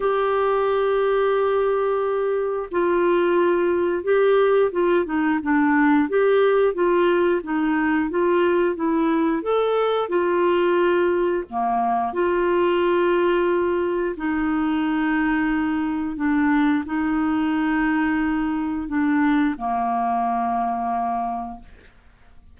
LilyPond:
\new Staff \with { instrumentName = "clarinet" } { \time 4/4 \tempo 4 = 89 g'1 | f'2 g'4 f'8 dis'8 | d'4 g'4 f'4 dis'4 | f'4 e'4 a'4 f'4~ |
f'4 ais4 f'2~ | f'4 dis'2. | d'4 dis'2. | d'4 ais2. | }